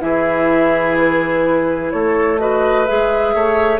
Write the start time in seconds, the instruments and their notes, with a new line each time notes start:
0.00 bassoon E3, clarinet E4, oboe G#4, flute E5
0.98 flute B4
1.91 bassoon A3, oboe A4, flute C#5
2.39 clarinet F#4, oboe B4, flute D#5
2.85 bassoon G#3, clarinet G#4, flute E5
3.35 bassoon A3, oboe C#5